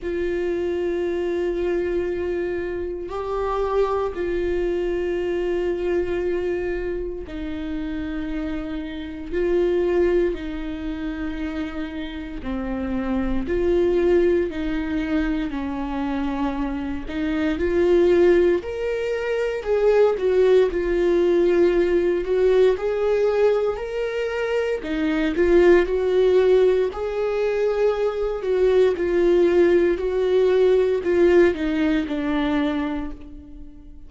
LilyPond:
\new Staff \with { instrumentName = "viola" } { \time 4/4 \tempo 4 = 58 f'2. g'4 | f'2. dis'4~ | dis'4 f'4 dis'2 | c'4 f'4 dis'4 cis'4~ |
cis'8 dis'8 f'4 ais'4 gis'8 fis'8 | f'4. fis'8 gis'4 ais'4 | dis'8 f'8 fis'4 gis'4. fis'8 | f'4 fis'4 f'8 dis'8 d'4 | }